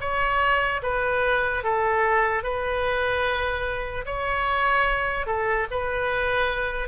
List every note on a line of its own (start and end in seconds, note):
0.00 0.81 C#5
0.82 1.63 B4
1.63 2.43 A4
2.43 4.05 B4
4.05 5.26 C#5
5.26 5.66 A4
5.71 6.88 B4